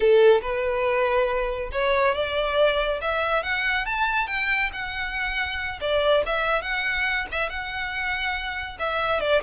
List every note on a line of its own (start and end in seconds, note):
0.00 0.41 A4
0.41 1.70 B4
1.71 2.14 C#5
2.14 3.00 D5
3.01 3.43 E5
3.43 3.85 F#5
3.85 4.27 A5
4.27 4.70 G5
4.72 5.79 F#5
5.80 6.23 D5
6.26 6.62 E5
6.62 7.26 F#5
7.31 7.49 E5
7.49 8.77 F#5
8.79 9.20 E5
9.20 9.41 D5